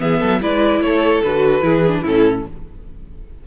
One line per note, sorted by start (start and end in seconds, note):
0.00 0.20 E3
0.00 0.41 B3
0.00 0.20 G#4
0.00 0.42 E5
0.20 0.41 F#3
0.20 0.41 A4
0.41 0.81 G#3
0.41 1.23 E4
0.41 0.83 B4
0.41 0.82 D5
0.81 1.21 A3
0.81 1.64 A4
0.81 1.22 C#5
1.23 1.62 D3
1.23 1.62 F#4
1.23 2.05 B4
1.62 2.03 E3
1.62 1.83 E4
1.62 2.02 G#4
1.87 2.06 D4
2.02 2.47 A2
2.02 2.46 C#4
2.02 2.43 E4
2.02 2.47 A4